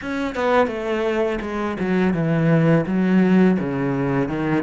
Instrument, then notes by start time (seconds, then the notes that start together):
cello
0.01 C#4
0.35 B3
0.67 A3
1.41 G#3
1.79 F#3
2.13 E3
2.86 F#3
3.59 C#3
4.28 D#3